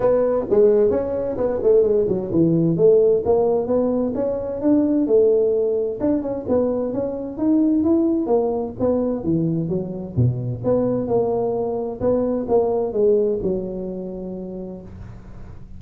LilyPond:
\new Staff \with { instrumentName = "tuba" } { \time 4/4 \tempo 4 = 130 b4 gis4 cis'4 b8 a8 | gis8 fis8 e4 a4 ais4 | b4 cis'4 d'4 a4~ | a4 d'8 cis'8 b4 cis'4 |
dis'4 e'4 ais4 b4 | e4 fis4 b,4 b4 | ais2 b4 ais4 | gis4 fis2. | }